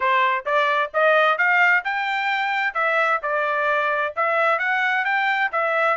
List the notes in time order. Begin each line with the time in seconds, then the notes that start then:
0.00 C5
0.45 D5
0.93 D#5
1.37 F5
1.84 G5
2.74 E5
3.22 D5
4.16 E5
4.58 F#5
5.05 G5
5.52 E5